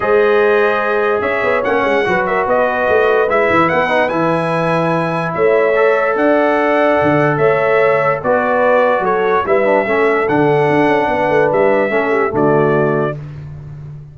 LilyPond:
<<
  \new Staff \with { instrumentName = "trumpet" } { \time 4/4 \tempo 4 = 146 dis''2. e''4 | fis''4. e''8 dis''2 | e''4 fis''4 gis''2~ | gis''4 e''2 fis''4~ |
fis''2 e''2 | d''2 cis''4 e''4~ | e''4 fis''2. | e''2 d''2 | }
  \new Staff \with { instrumentName = "horn" } { \time 4/4 c''2. cis''4~ | cis''4 b'8 ais'8 b'2~ | b'1~ | b'4 cis''2 d''4~ |
d''2 cis''2 | b'2 a'4 b'4 | a'2. b'4~ | b'4 a'8 g'8 fis'2 | }
  \new Staff \with { instrumentName = "trombone" } { \time 4/4 gis'1 | cis'4 fis'2. | e'4. dis'8 e'2~ | e'2 a'2~ |
a'1 | fis'2. e'8 d'8 | cis'4 d'2.~ | d'4 cis'4 a2 | }
  \new Staff \with { instrumentName = "tuba" } { \time 4/4 gis2. cis'8 b8 | ais8 gis8 fis4 b4 a4 | gis8 e8 b4 e2~ | e4 a2 d'4~ |
d'4 d4 a2 | b2 fis4 g4 | a4 d4 d'8 cis'8 b8 a8 | g4 a4 d2 | }
>>